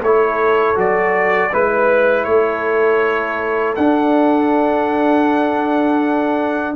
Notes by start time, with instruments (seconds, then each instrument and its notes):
0.00 tuba A3, trombone E4, horn A4, trumpet C#5
0.75 tuba F#3, trombone F#4, trumpet D5
1.51 tuba G#3, trombone E4, horn B4, trumpet B4
2.24 tuba A3, horn A4, trumpet C#5
3.75 tuba D4, trombone D4, trumpet F#5